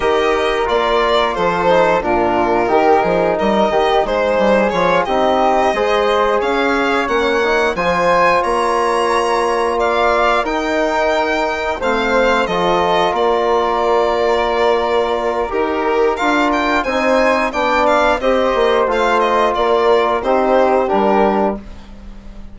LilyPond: <<
  \new Staff \with { instrumentName = "violin" } { \time 4/4 \tempo 4 = 89 dis''4 d''4 c''4 ais'4~ | ais'4 dis''4 c''4 cis''8 dis''8~ | dis''4. f''4 fis''4 gis''8~ | gis''8 ais''2 f''4 g''8~ |
g''4. f''4 dis''4 d''8~ | d''2. ais'4 | f''8 g''8 gis''4 g''8 f''8 dis''4 | f''8 dis''8 d''4 c''4 ais'4 | }
  \new Staff \with { instrumentName = "flute" } { \time 4/4 ais'2 a'4 f'4 | g'8 gis'8 ais'8 g'8 gis'4. g'8~ | g'8 c''4 cis''2 c''8~ | c''8 cis''2 d''4 ais'8~ |
ais'4. c''4 a'4 ais'8~ | ais'1~ | ais'4 c''4 d''4 c''4~ | c''4 ais'4 g'2 | }
  \new Staff \with { instrumentName = "trombone" } { \time 4/4 g'4 f'4. dis'8 d'4 | dis'2. f'8 dis'8~ | dis'8 gis'2 cis'8 dis'8 f'8~ | f'2.~ f'8 dis'8~ |
dis'4. c'4 f'4.~ | f'2. g'4 | f'4 dis'4 d'4 g'4 | f'2 dis'4 d'4 | }
  \new Staff \with { instrumentName = "bassoon" } { \time 4/4 dis4 ais4 f4 ais,4 | dis8 f8 g8 dis8 gis8 g8 f8 c'8~ | c'8 gis4 cis'4 ais4 f8~ | f8 ais2. dis'8~ |
dis'4. a4 f4 ais8~ | ais2. dis'4 | d'4 c'4 b4 c'8 ais8 | a4 ais4 c'4 g4 | }
>>